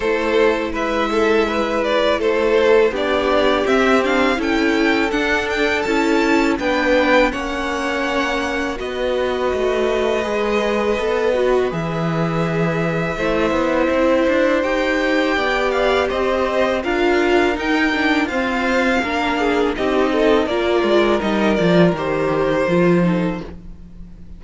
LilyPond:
<<
  \new Staff \with { instrumentName = "violin" } { \time 4/4 \tempo 4 = 82 c''4 e''4. d''8 c''4 | d''4 e''8 f''8 g''4 fis''8 g''8 | a''4 g''4 fis''2 | dis''1 |
e''1 | g''4. f''8 dis''4 f''4 | g''4 f''2 dis''4 | d''4 dis''8 d''8 c''2 | }
  \new Staff \with { instrumentName = "violin" } { \time 4/4 a'4 b'8 a'8 b'4 a'4 | g'2 a'2~ | a'4 b'4 cis''2 | b'1~ |
b'2 c''2~ | c''4 d''4 c''4 ais'4~ | ais'4 c''4 ais'8 gis'8 g'8 a'8 | ais'2.~ ais'8 a'8 | }
  \new Staff \with { instrumentName = "viola" } { \time 4/4 e'1 | d'4 c'8 d'8 e'4 d'4 | e'4 d'4 cis'2 | fis'2 gis'4 a'8 fis'8 |
gis'2 e'2 | g'2. f'4 | dis'8 d'8 c'4 d'4 dis'4 | f'4 dis'8 f'8 g'4 f'8 dis'8 | }
  \new Staff \with { instrumentName = "cello" } { \time 4/4 a4 gis2 a4 | b4 c'4 cis'4 d'4 | cis'4 b4 ais2 | b4 a4 gis4 b4 |
e2 a8 b8 c'8 d'8 | dis'4 b4 c'4 d'4 | dis'4 f'4 ais4 c'4 | ais8 gis8 g8 f8 dis4 f4 | }
>>